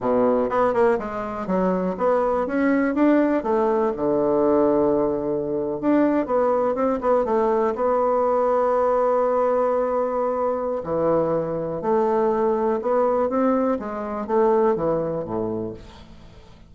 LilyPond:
\new Staff \with { instrumentName = "bassoon" } { \time 4/4 \tempo 4 = 122 b,4 b8 ais8 gis4 fis4 | b4 cis'4 d'4 a4 | d2.~ d8. d'16~ | d'8. b4 c'8 b8 a4 b16~ |
b1~ | b2 e2 | a2 b4 c'4 | gis4 a4 e4 a,4 | }